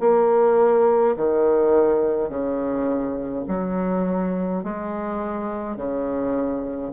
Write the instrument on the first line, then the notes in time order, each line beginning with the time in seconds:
bassoon
0.00 A#3
1.16 D#3
2.29 C#3
3.48 F#3
4.63 G#3
5.76 C#3